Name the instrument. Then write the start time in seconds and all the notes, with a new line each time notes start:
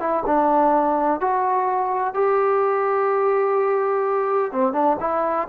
trombone
0.00 E4
0.26 D4
1.21 F#4
2.15 G4
4.52 C4
4.73 D4
5.01 E4